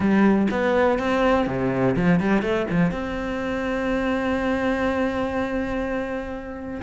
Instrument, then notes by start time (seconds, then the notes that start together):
cello
0.00 G3
0.50 B3
0.98 C4
1.46 C3
1.95 F3
2.20 G3
2.41 A3
2.70 F3
2.91 C4